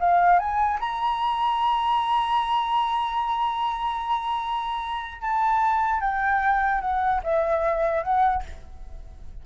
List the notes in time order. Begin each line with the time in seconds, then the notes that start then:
0.00 F5
0.40 G#5
0.80 A#5
5.22 A5
6.01 G5
6.81 F#5
7.24 E5
8.03 F#5